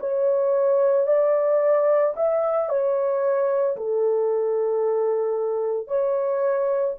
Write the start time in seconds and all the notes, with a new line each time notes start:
0.00 C#5
1.07 D5
2.16 E5
2.69 C#5
3.76 A4
5.87 C#5